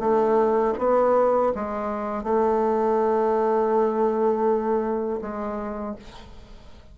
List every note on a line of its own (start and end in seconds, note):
0.00 0.74 A3
0.79 1.53 B3
1.56 2.24 G#3
2.24 5.20 A3
5.22 5.96 G#3